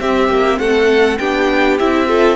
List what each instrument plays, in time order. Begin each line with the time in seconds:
0.00 viola C4, cello C4, violin G4 E5
0.29 cello A#3
0.59 cello A3, violin A4 F#5
1.19 cello B3, viola D4, violin G4 G5
1.79 cello C4, viola E4, violin E5
2.08 viola F4, violin A4